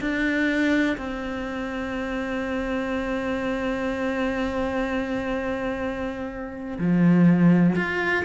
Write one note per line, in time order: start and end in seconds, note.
0.00 0.97 D4
0.97 6.78 C4
6.78 7.75 F3
7.76 8.24 F4